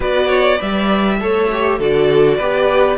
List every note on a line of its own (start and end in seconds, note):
0.00 0.58 B3
0.00 0.57 F#4
0.00 0.28 B4
0.00 0.61 D5
0.28 0.57 C#5
0.57 1.21 G3
0.57 1.17 B4
0.57 1.17 D5
0.57 1.81 E5
1.20 1.79 A3
1.20 1.50 A4
1.20 1.79 C#5
1.52 1.80 G4
1.79 2.39 D3
1.79 2.40 F#4
1.79 2.37 A4
1.79 2.97 D5
2.37 2.97 B3
2.37 2.97 G4
2.37 2.97 B4